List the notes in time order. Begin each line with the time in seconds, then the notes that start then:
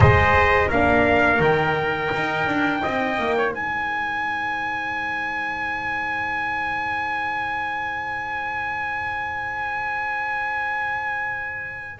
0.00 G#3 G#4 C5 D#5
0.67 A#3 D4 A#4 F5
1.39 D#3 D#4 G5
2.14 D#4
2.46 D4
2.82 C4 D#5
3.18 A#3
3.37 C#5
3.52 G#3 C5 G#5